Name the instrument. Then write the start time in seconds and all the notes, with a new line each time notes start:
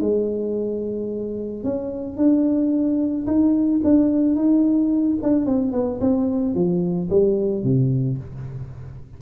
tuba
0.00 G#3
1.63 C#4
2.17 D4
3.26 D#4
3.84 D4
4.35 D#4
5.22 D4
5.46 C4
5.72 B3
6.00 C4
6.54 F3
7.10 G3
7.63 C3